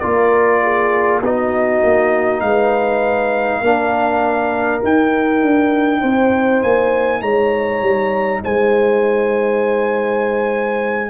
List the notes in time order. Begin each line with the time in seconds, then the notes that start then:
0.00 A#3 F4 A#4 D5
0.63 G#4
1.22 B3 D#4 F#4 D#5
1.83 A#3
2.41 G#3 B4 F5
3.61 A#3 D4 A#4
4.82 D#4 G5
5.42 D4
6.01 C4 C5
6.63 A#3 G#5
7.22 G#3 C#5 A#5
7.82 G3
8.44 G#3 C5 G#5